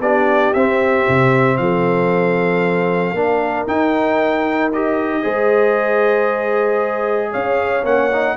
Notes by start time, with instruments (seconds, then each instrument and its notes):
0.00 tuba B3, trombone D4, horn G4, trumpet D5
0.53 tuba C4, trombone C4, trumpet E5
1.09 tuba C3
1.57 tuba F3, horn A4, trumpet F5
3.14 tuba A#3, trombone D4, horn A#4
3.67 tuba D#4, trombone D#4, trumpet G5
4.73 trombone G4, trumpet D#5
5.22 tuba G#3, trombone G#4, horn C5
7.31 tuba C#4, horn C#5, trumpet F5
7.83 tuba A#3, trombone C#4, trumpet F#5
8.12 trombone D#4